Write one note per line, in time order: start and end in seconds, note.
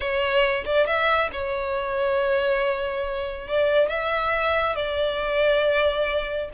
0.00 0.64 C#5
0.65 0.86 D5
0.86 1.30 E5
1.32 3.47 C#5
3.47 3.88 D5
3.88 4.75 E5
4.75 6.49 D5